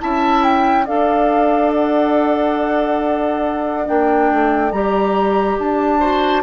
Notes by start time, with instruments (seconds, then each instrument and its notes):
0.00 bassoon C#4, clarinet E4, oboe E5, flute A5
0.44 flute G5
0.86 bassoon D4, clarinet A4, oboe D5, flute F5
1.75 flute F#5
3.86 bassoon A#3, clarinet D4, flute G5
4.32 bassoon A3
4.72 bassoon G3, clarinet G4, flute A#5
5.59 bassoon D4, flute A5
6.00 clarinet F#4, oboe C5